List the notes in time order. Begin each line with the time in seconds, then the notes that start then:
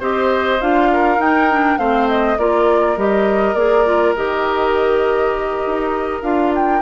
0.00 C4 G4 C5 D#5
0.61 D4 F4 F5
0.93 A#4
1.18 D#4 G5
1.50 D4
1.78 A3 C4 C5 F5
2.09 D#5
2.38 A#3 F4 A#4 D5
2.97 G3 G4 D#5
3.54 A#3 G#4 D5
3.86 F4
4.16 D#3 G4 D#5
5.66 D#4
6.23 D4 F4 F5
6.55 G5